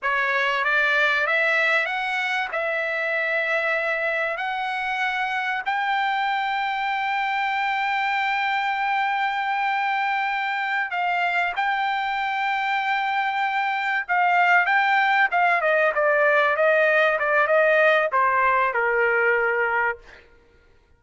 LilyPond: \new Staff \with { instrumentName = "trumpet" } { \time 4/4 \tempo 4 = 96 cis''4 d''4 e''4 fis''4 | e''2. fis''4~ | fis''4 g''2.~ | g''1~ |
g''4. f''4 g''4.~ | g''2~ g''8 f''4 g''8~ | g''8 f''8 dis''8 d''4 dis''4 d''8 | dis''4 c''4 ais'2 | }